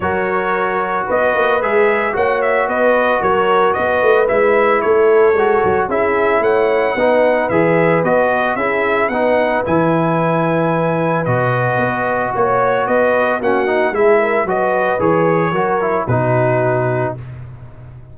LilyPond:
<<
  \new Staff \with { instrumentName = "trumpet" } { \time 4/4 \tempo 4 = 112 cis''2 dis''4 e''4 | fis''8 e''8 dis''4 cis''4 dis''4 | e''4 cis''2 e''4 | fis''2 e''4 dis''4 |
e''4 fis''4 gis''2~ | gis''4 dis''2 cis''4 | dis''4 fis''4 e''4 dis''4 | cis''2 b'2 | }
  \new Staff \with { instrumentName = "horn" } { \time 4/4 ais'2 b'2 | cis''4 b'4 ais'4 b'4~ | b'4 a'2 gis'4 | cis''4 b'2. |
gis'4 b'2.~ | b'2. cis''4 | b'4 fis'4 gis'8 ais'8 b'4~ | b'4 ais'4 fis'2 | }
  \new Staff \with { instrumentName = "trombone" } { \time 4/4 fis'2. gis'4 | fis'1 | e'2 fis'4 e'4~ | e'4 dis'4 gis'4 fis'4 |
e'4 dis'4 e'2~ | e'4 fis'2.~ | fis'4 cis'8 dis'8 e'4 fis'4 | gis'4 fis'8 e'8 dis'2 | }
  \new Staff \with { instrumentName = "tuba" } { \time 4/4 fis2 b8 ais8 gis4 | ais4 b4 fis4 b8 a8 | gis4 a4 gis8 fis8 cis'4 | a4 b4 e4 b4 |
cis'4 b4 e2~ | e4 b,4 b4 ais4 | b4 ais4 gis4 fis4 | e4 fis4 b,2 | }
>>